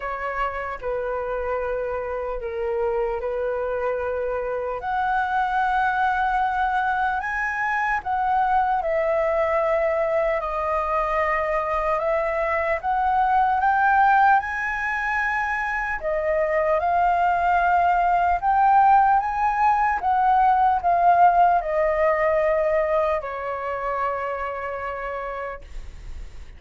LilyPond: \new Staff \with { instrumentName = "flute" } { \time 4/4 \tempo 4 = 75 cis''4 b'2 ais'4 | b'2 fis''2~ | fis''4 gis''4 fis''4 e''4~ | e''4 dis''2 e''4 |
fis''4 g''4 gis''2 | dis''4 f''2 g''4 | gis''4 fis''4 f''4 dis''4~ | dis''4 cis''2. | }